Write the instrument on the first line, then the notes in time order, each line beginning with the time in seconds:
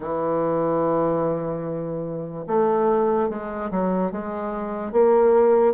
bassoon
0.00 E3
2.47 A3
3.29 G#3
3.70 F#3
4.11 G#3
4.92 A#3